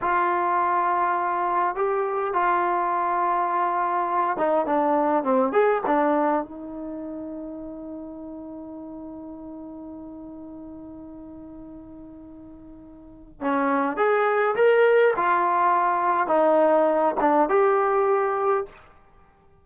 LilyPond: \new Staff \with { instrumentName = "trombone" } { \time 4/4 \tempo 4 = 103 f'2. g'4 | f'2.~ f'8 dis'8 | d'4 c'8 gis'8 d'4 dis'4~ | dis'1~ |
dis'1~ | dis'2. cis'4 | gis'4 ais'4 f'2 | dis'4. d'8 g'2 | }